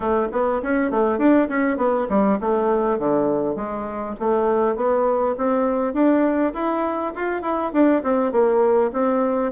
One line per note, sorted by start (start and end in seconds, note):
0.00 0.28 A3
0.31 0.61 B3
0.62 0.90 C#4
0.90 1.18 A3
1.18 1.48 D4
1.49 1.77 C#4
1.77 2.07 B3
2.09 2.38 G3
2.40 2.98 A3
2.98 3.55 D3
3.55 4.15 G#3
4.19 4.76 A3
4.76 5.35 B3
5.37 5.93 C4
5.93 6.53 D4
6.53 7.13 E4
7.14 7.42 F4
7.42 7.71 E4
7.72 8.02 D4
8.03 8.31 C4
8.31 8.91 A#3
8.92 9.52 C4